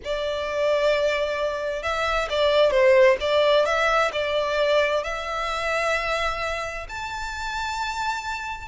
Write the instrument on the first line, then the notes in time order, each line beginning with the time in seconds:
violin
0.04 D5
1.82 E5
2.29 D5
2.70 C5
3.20 D5
3.65 E5
4.12 D5
5.03 E5
6.88 A5